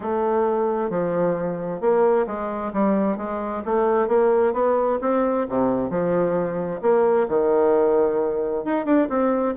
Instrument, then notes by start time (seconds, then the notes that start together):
bassoon
0.00 A3
0.90 F3
1.80 A#3
2.26 G#3
2.73 G3
3.17 G#3
3.65 A3
4.08 A#3
4.53 B3
5.01 C4
5.48 C3
5.90 F3
6.81 A#3
7.28 D#3
8.64 D#4
8.85 D4
9.09 C4